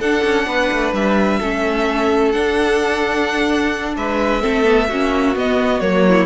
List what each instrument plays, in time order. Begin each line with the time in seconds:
0.00 cello D4, viola D4, violin A4 F#5
0.25 cello C#4
0.47 cello B3, violin B4
0.72 cello A3
0.93 cello G3, violin E5
1.40 cello A3, viola C#4, violin A4
2.32 viola D4, cello D4, violin F#5
3.97 cello G#3, violin B4 E5
4.42 cello A3, viola C4, violin A4
4.64 viola B3
4.89 cello A#3, viola C#4, violin F#4
5.36 viola B3, cello B3, violin D#5
5.80 cello F#3, viola A#3, violin C#5
6.08 violin E4